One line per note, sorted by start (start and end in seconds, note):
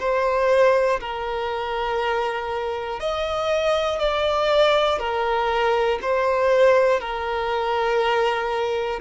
0.00 1.00 C5
1.00 3.00 A#4
3.00 4.00 D#5
4.00 4.99 D5
4.99 5.99 A#4
6.02 7.00 C5
7.00 9.00 A#4